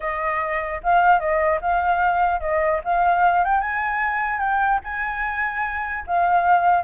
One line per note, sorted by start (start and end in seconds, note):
0.00 0.81 D#5
0.83 1.19 F5
1.19 1.59 D#5
1.61 2.40 F5
2.40 2.80 D#5
2.84 3.44 F5
3.44 3.60 G5
3.60 4.39 G#5
4.39 4.80 G5
4.83 6.04 G#5
6.06 6.83 F5